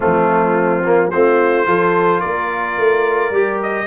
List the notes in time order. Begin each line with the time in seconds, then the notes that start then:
0.00 F3 A3 C4 F4
0.84 A#3
1.10 A3 C4 F4 C5
1.66 F3 F4 A4
2.20 A#3 A#4 D5
2.78 A3
3.31 G3 G4
3.62 D#5